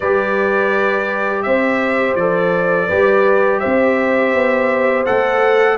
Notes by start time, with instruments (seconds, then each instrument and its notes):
0.00 tuba G3, trombone G4, horn B4, trumpet D5
1.42 tuba C4, horn C5, trumpet E5
2.15 tuba F3, trombone A4, trumpet D5
2.87 tuba G3, trombone G4, horn B4
3.59 tuba C4, horn C5, trumpet E5
4.33 tuba B3
5.05 tuba A3, trombone A4, trumpet F#5